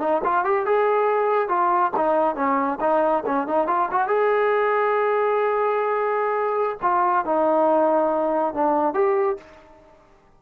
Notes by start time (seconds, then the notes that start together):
0.00 D#4
0.24 F4
0.44 G4
0.66 G#4
1.49 F4
1.96 D#4
2.36 C#4
2.80 D#4
3.26 C#4
3.47 D#4
3.67 F4
3.91 F#4
4.08 G#4
6.82 F4
7.25 D#4
8.54 D4
8.94 G4